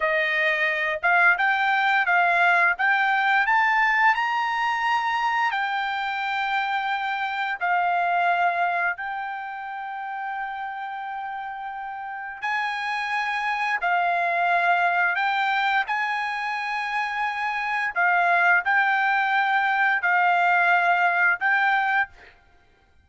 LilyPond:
\new Staff \with { instrumentName = "trumpet" } { \time 4/4 \tempo 4 = 87 dis''4. f''8 g''4 f''4 | g''4 a''4 ais''2 | g''2. f''4~ | f''4 g''2.~ |
g''2 gis''2 | f''2 g''4 gis''4~ | gis''2 f''4 g''4~ | g''4 f''2 g''4 | }